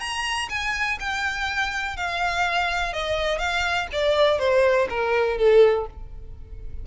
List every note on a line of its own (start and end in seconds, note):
0.00 0.49 A#5
0.50 0.98 G#5
1.00 1.97 G5
1.97 2.93 F5
2.93 3.39 D#5
3.39 3.87 F5
3.92 4.39 D5
4.39 4.88 C5
4.89 5.38 A#4
5.38 5.87 A4